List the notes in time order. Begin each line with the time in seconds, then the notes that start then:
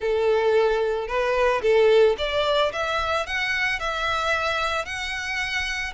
0.00 A4
1.07 B4
1.61 A4
2.18 D5
2.72 E5
3.26 F#5
3.79 E5
4.85 F#5